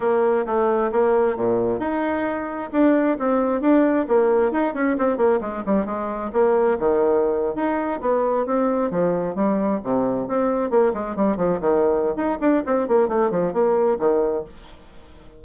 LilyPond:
\new Staff \with { instrumentName = "bassoon" } { \time 4/4 \tempo 4 = 133 ais4 a4 ais4 ais,4 | dis'2 d'4 c'4 | d'4 ais4 dis'8 cis'8 c'8 ais8 | gis8 g8 gis4 ais4 dis4~ |
dis8. dis'4 b4 c'4 f16~ | f8. g4 c4 c'4 ais16~ | ais16 gis8 g8 f8 dis4~ dis16 dis'8 d'8 | c'8 ais8 a8 f8 ais4 dis4 | }